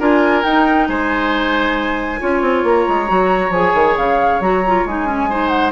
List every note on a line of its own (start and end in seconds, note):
0.00 0.44 D4
0.00 0.44 F4
0.00 0.88 A#4
0.00 0.44 G#5
0.44 0.89 D#4
0.44 2.20 D#4
0.44 0.88 G5
0.89 2.21 G#3
0.89 2.21 C5
0.89 2.65 G#5
2.20 2.42 C#4
2.20 3.07 F4
2.20 5.30 C#5
2.42 2.64 C4
2.64 2.86 A#3
2.64 3.52 A#5
2.89 3.10 G#3
3.07 3.50 F#3
3.07 3.52 F#4
3.50 3.72 F3
3.50 4.42 G#4
3.50 3.97 G#5
3.74 3.97 D#3
3.97 4.41 C#3
3.97 4.41 F5
4.41 4.85 F#3
4.41 4.64 F#4
4.41 4.87 A#5
4.67 4.89 F4
4.86 5.73 G#3
4.86 5.07 D#4
4.86 5.49 G#5
5.07 5.29 C#4
5.30 5.73 D#4
5.30 5.73 C5
5.49 5.71 F#5